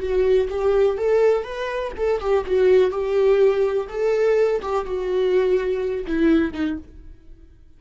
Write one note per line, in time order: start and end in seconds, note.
0.00 0.49 F#4
0.49 0.97 G4
0.97 1.43 A4
1.43 1.92 B4
1.97 2.20 A4
2.20 2.45 G4
2.46 2.91 F#4
2.91 3.87 G4
3.88 4.61 A4
4.62 4.85 G4
4.85 6.06 F#4
6.07 6.53 E4
6.53 6.77 D#4